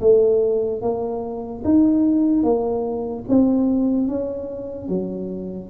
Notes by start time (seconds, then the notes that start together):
0.00 A3
0.81 A#3
1.64 D#4
2.43 A#3
3.28 C4
4.07 C#4
4.88 F#3